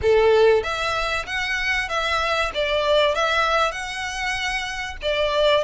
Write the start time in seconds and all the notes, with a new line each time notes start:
0.02 A4
0.63 E5
1.26 F#5
1.88 E5
2.54 D5
3.14 E5
3.71 F#5
5.02 D5